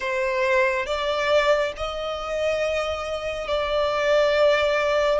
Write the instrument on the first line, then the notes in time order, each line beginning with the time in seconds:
violin
0.00 C5
0.85 D5
1.76 D#5
3.47 D5